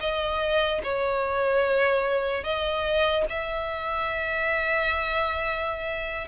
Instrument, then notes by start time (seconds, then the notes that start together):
violin
0.00 D#5
0.83 C#5
2.44 D#5
3.29 E5